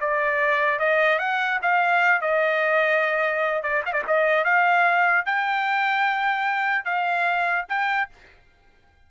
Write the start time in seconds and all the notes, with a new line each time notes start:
0.00 D5
0.79 D#5
1.19 F#5
1.62 F5
2.21 D#5
3.62 D5
3.86 F5
3.93 D5
4.07 D#5
4.44 F5
5.25 G5
6.85 F5
7.69 G5